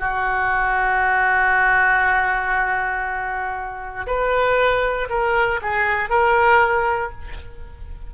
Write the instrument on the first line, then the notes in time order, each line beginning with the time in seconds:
oboe
0.00 F#4
4.07 B4
5.09 A#4
5.62 G#4
6.10 A#4